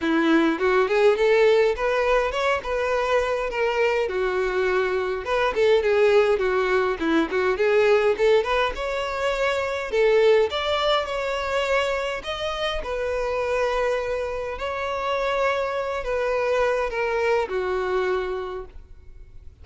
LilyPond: \new Staff \with { instrumentName = "violin" } { \time 4/4 \tempo 4 = 103 e'4 fis'8 gis'8 a'4 b'4 | cis''8 b'4. ais'4 fis'4~ | fis'4 b'8 a'8 gis'4 fis'4 | e'8 fis'8 gis'4 a'8 b'8 cis''4~ |
cis''4 a'4 d''4 cis''4~ | cis''4 dis''4 b'2~ | b'4 cis''2~ cis''8 b'8~ | b'4 ais'4 fis'2 | }